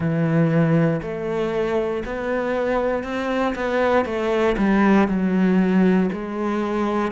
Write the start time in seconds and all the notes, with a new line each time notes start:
0.00 E3
1.02 A3
2.05 B3
3.03 C4
3.55 B3
4.05 A3
4.57 G3
5.08 F#3
6.12 G#3